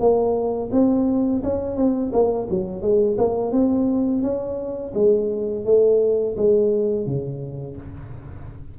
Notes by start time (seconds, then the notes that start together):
0.00 A#3
0.72 C4
1.44 C#4
1.76 C4
2.13 A#3
2.50 F#3
2.82 G#3
3.18 A#3
3.52 C4
4.23 C#4
4.94 G#3
5.65 A3
6.37 G#3
7.06 C#3